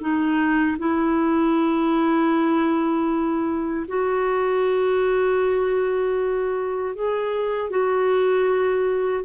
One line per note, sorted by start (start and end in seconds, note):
0.00 0.77 D#4
0.78 3.86 E4
3.87 6.95 F#4
6.95 7.70 G#4
7.70 9.24 F#4